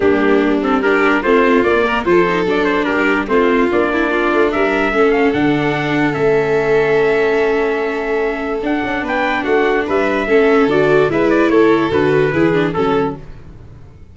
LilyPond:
<<
  \new Staff \with { instrumentName = "trumpet" } { \time 4/4 \tempo 4 = 146 g'4. a'8 ais'4 c''4 | d''4 c''4 d''8 c''8 ais'4 | c''4 d''2 e''4~ | e''8 f''8 fis''2 e''4~ |
e''1~ | e''4 fis''4 g''4 fis''4 | e''2 d''4 e''8 d''8 | cis''4 b'2 a'4 | }
  \new Staff \with { instrumentName = "violin" } { \time 4/4 d'2 g'4 f'4~ | f'8 ais'8 a'2 g'4 | f'4. e'8 f'4 ais'4 | a'1~ |
a'1~ | a'2 b'4 fis'4 | b'4 a'2 b'4 | a'2 gis'4 a'4 | }
  \new Staff \with { instrumentName = "viola" } { \time 4/4 ais4. c'8 d'4 c'4 | ais4 f'8 dis'8 d'2 | c'4 d'2. | cis'4 d'2 cis'4~ |
cis'1~ | cis'4 d'2.~ | d'4 cis'4 fis'4 e'4~ | e'4 fis'4 e'8 d'8 cis'4 | }
  \new Staff \with { instrumentName = "tuba" } { \time 4/4 g2. a4 | ais4 f4 fis4 g4 | a4 ais4. a8 g4 | a4 d2 a4~ |
a1~ | a4 d'8 cis'8 b4 a4 | g4 a4 d4 gis4 | a4 d4 e4 fis4 | }
>>